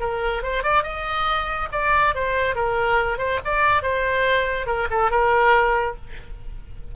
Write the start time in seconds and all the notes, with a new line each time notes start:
0.00 A#4
0.43 C5
0.63 D5
0.83 D#5
1.72 D5
2.15 C5
2.55 A#4
3.18 C5
3.45 D5
3.82 C5
4.66 A#4
4.90 A4
5.10 A#4